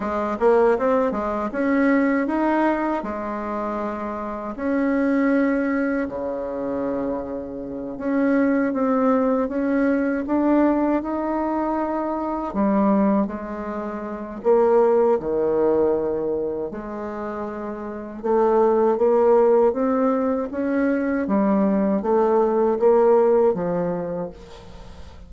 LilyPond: \new Staff \with { instrumentName = "bassoon" } { \time 4/4 \tempo 4 = 79 gis8 ais8 c'8 gis8 cis'4 dis'4 | gis2 cis'2 | cis2~ cis8 cis'4 c'8~ | c'8 cis'4 d'4 dis'4.~ |
dis'8 g4 gis4. ais4 | dis2 gis2 | a4 ais4 c'4 cis'4 | g4 a4 ais4 f4 | }